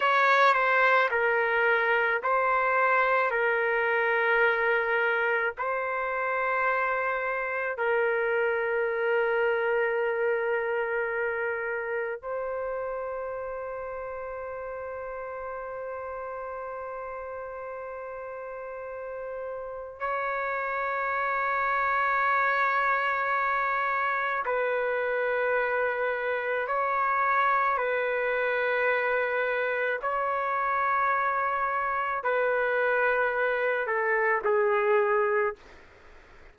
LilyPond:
\new Staff \with { instrumentName = "trumpet" } { \time 4/4 \tempo 4 = 54 cis''8 c''8 ais'4 c''4 ais'4~ | ais'4 c''2 ais'4~ | ais'2. c''4~ | c''1~ |
c''2 cis''2~ | cis''2 b'2 | cis''4 b'2 cis''4~ | cis''4 b'4. a'8 gis'4 | }